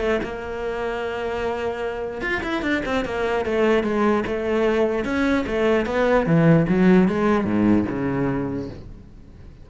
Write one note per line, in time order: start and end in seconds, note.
0.00 0.20 A3
0.23 2.21 A#3
2.21 2.41 F4
2.43 2.62 E4
2.62 2.82 D4
2.85 3.05 C4
3.05 3.45 A#3
3.45 3.83 A3
3.83 4.23 G#3
4.26 5.04 A3
5.04 5.45 C#4
5.47 5.86 A3
5.86 6.26 B3
6.26 6.66 E3
6.68 7.08 F#3
7.08 7.45 G#3
7.45 7.85 G#2
7.89 8.69 C#3